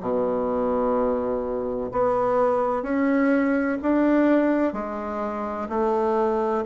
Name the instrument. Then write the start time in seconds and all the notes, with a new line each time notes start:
bassoon
0.00 B2
1.92 B3
2.83 C#4
3.82 D4
4.73 G#3
5.69 A3